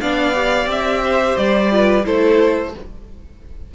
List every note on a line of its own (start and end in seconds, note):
0.00 0.66 B3
0.00 0.34 D4
0.00 1.03 D5
0.00 0.68 F5
0.34 1.71 G4
0.66 1.35 C4
0.66 1.37 E5
1.04 1.73 C5
1.37 2.06 G3
1.37 2.05 D5
1.71 2.04 F4
1.71 2.06 B4
2.04 2.74 A3
2.04 2.72 E4
2.04 2.74 A4
2.04 2.74 C5